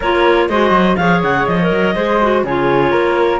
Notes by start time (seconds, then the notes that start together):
0.00 A#3 F4 A#4 C#5
0.48 G#3 F#4 C5 D#5
0.70 F#3
0.96 F3 G#4 C#5 F5
1.22 C#3 F#5
1.46 F3 D#5
1.61 A#4
1.71 F#3
1.95 G#3 G#4 C5
2.21 F#4
2.43 C#3 F4 G#4 C#5
2.91 A#3 A#4